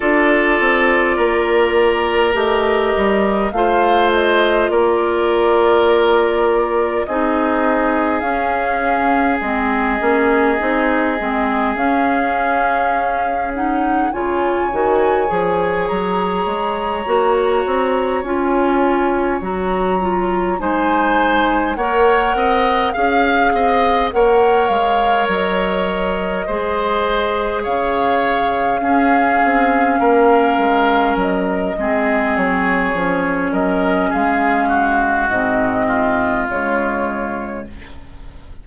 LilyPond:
<<
  \new Staff \with { instrumentName = "flute" } { \time 4/4 \tempo 4 = 51 d''2 dis''4 f''8 dis''8 | d''2 dis''4 f''4 | dis''2 f''4. fis''8 | gis''4. ais''2 gis''8~ |
gis''8 ais''4 gis''4 fis''4 f''8~ | f''8 fis''8 f''8 dis''2 f''8~ | f''2~ f''8 dis''4 cis''8~ | cis''8 dis''8 f''4 dis''4 cis''4 | }
  \new Staff \with { instrumentName = "oboe" } { \time 4/4 a'4 ais'2 c''4 | ais'2 gis'2~ | gis'1 | cis''1~ |
cis''4. c''4 cis''8 dis''8 f''8 | dis''8 cis''2 c''4 cis''8~ | cis''8 gis'4 ais'4. gis'4~ | gis'8 ais'8 gis'8 fis'4 f'4. | }
  \new Staff \with { instrumentName = "clarinet" } { \time 4/4 f'2 g'4 f'4~ | f'2 dis'4 cis'4 | c'8 cis'8 dis'8 c'8 cis'4. dis'8 | f'8 fis'8 gis'4. fis'4 f'8~ |
f'8 fis'8 f'8 dis'4 ais'4 gis'8~ | gis'8 ais'2 gis'4.~ | gis'8 cis'2~ cis'8 c'4 | cis'2 c'4 gis4 | }
  \new Staff \with { instrumentName = "bassoon" } { \time 4/4 d'8 c'8 ais4 a8 g8 a4 | ais2 c'4 cis'4 | gis8 ais8 c'8 gis8 cis'2 | cis8 dis8 f8 fis8 gis8 ais8 c'8 cis'8~ |
cis'8 fis4 gis4 ais8 c'8 cis'8 | c'8 ais8 gis8 fis4 gis4 cis8~ | cis8 cis'8 c'8 ais8 gis8 fis8 gis8 fis8 | f8 fis8 gis4 gis,4 cis4 | }
>>